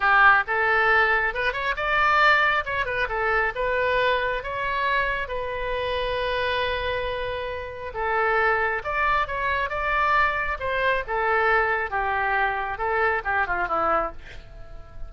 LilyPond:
\new Staff \with { instrumentName = "oboe" } { \time 4/4 \tempo 4 = 136 g'4 a'2 b'8 cis''8 | d''2 cis''8 b'8 a'4 | b'2 cis''2 | b'1~ |
b'2 a'2 | d''4 cis''4 d''2 | c''4 a'2 g'4~ | g'4 a'4 g'8 f'8 e'4 | }